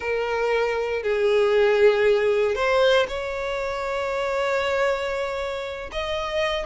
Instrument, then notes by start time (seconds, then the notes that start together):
violin
0.00 A#4
1.03 G#4
2.55 C5
3.08 C#5
5.91 D#5